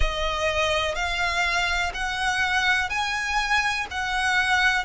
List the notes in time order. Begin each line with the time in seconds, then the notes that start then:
0.00 D#5
0.95 F5
1.94 F#5
2.89 G#5
3.90 F#5